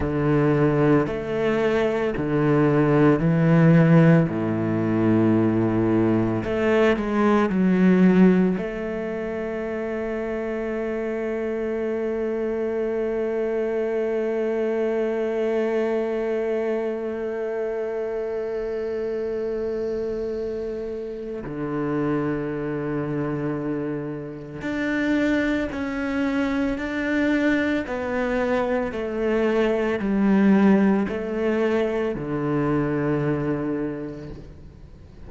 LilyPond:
\new Staff \with { instrumentName = "cello" } { \time 4/4 \tempo 4 = 56 d4 a4 d4 e4 | a,2 a8 gis8 fis4 | a1~ | a1~ |
a1 | d2. d'4 | cis'4 d'4 b4 a4 | g4 a4 d2 | }